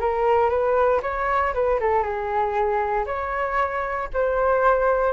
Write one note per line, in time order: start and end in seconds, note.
0.00 0.50 A#4
0.50 1.01 B4
1.03 1.54 C#5
1.54 1.80 B4
1.80 2.03 A4
2.03 3.05 G#4
3.06 4.09 C#5
4.14 5.14 C5